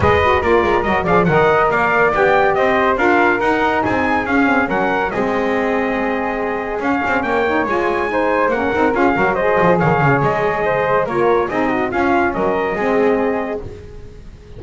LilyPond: <<
  \new Staff \with { instrumentName = "trumpet" } { \time 4/4 \tempo 4 = 141 dis''4 d''4 dis''8 f''8 fis''4 | f''4 g''4 dis''4 f''4 | fis''4 gis''4 f''4 fis''4 | dis''1 |
f''4 g''4 gis''2 | fis''4 f''4 dis''4 f''4 | dis''2 cis''4 dis''4 | f''4 dis''2. | }
  \new Staff \with { instrumentName = "flute" } { \time 4/4 b'4 ais'4. d''8 dis''4 | d''2 c''4 ais'4~ | ais'4 gis'2 ais'4 | gis'1~ |
gis'4 cis''2 c''4 | ais'4 gis'8 ais'8 c''4 cis''4~ | cis''4 c''4 ais'4 gis'8 fis'8 | f'4 ais'4 gis'2 | }
  \new Staff \with { instrumentName = "saxophone" } { \time 4/4 gis'8 fis'8 f'4 fis'8 gis'8 ais'4~ | ais'4 g'2 f'4 | dis'2 cis'8 c'8 cis'4 | c'1 |
cis'4. dis'8 f'4 dis'4 | cis'8 dis'8 f'8 fis'8 gis'2~ | gis'2 f'4 dis'4 | cis'2 c'2 | }
  \new Staff \with { instrumentName = "double bass" } { \time 4/4 gis4 ais8 gis8 fis8 f8 dis4 | ais4 b4 c'4 d'4 | dis'4 c'4 cis'4 fis4 | gis1 |
cis'8 c'8 ais4 gis2 | ais8 c'8 cis'8 fis4 f8 dis8 cis8 | gis2 ais4 c'4 | cis'4 fis4 gis2 | }
>>